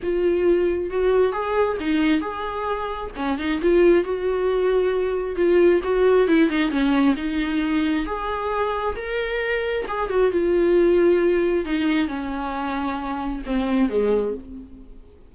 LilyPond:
\new Staff \with { instrumentName = "viola" } { \time 4/4 \tempo 4 = 134 f'2 fis'4 gis'4 | dis'4 gis'2 cis'8 dis'8 | f'4 fis'2. | f'4 fis'4 e'8 dis'8 cis'4 |
dis'2 gis'2 | ais'2 gis'8 fis'8 f'4~ | f'2 dis'4 cis'4~ | cis'2 c'4 gis4 | }